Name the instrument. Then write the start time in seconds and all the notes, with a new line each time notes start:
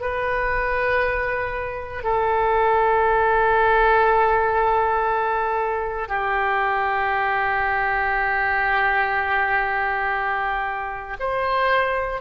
oboe
0.00 B4
2.03 A4
6.08 G4
11.19 C5